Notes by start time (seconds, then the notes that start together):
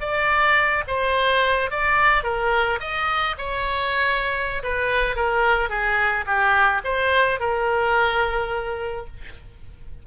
0.00 D5
0.87 C5
1.70 D5
2.23 A#4
2.80 D#5
3.38 C#5
4.63 B4
5.16 A#4
5.69 G#4
6.26 G4
6.84 C5
7.40 A#4